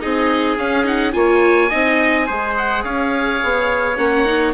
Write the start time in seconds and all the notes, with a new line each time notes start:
0.00 C4 D#4 G#4 D#5
0.57 C#4 F5
0.84 D#4 F#5
1.12 A#3 F4 C#5 G#5
1.69 C4 D#4 D#5
2.27 G#3 G#4 C5
2.57 F#5
2.84 C#4 C#5 F5
3.43 B3
3.97 A#3 C#4 F#5
4.25 D#4